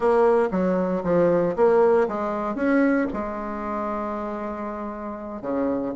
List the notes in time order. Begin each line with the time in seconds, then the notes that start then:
0.00 A#3
0.51 F#3
1.03 F3
1.56 A#3
2.08 G#3
2.55 C#4
3.13 G#3
5.41 C#3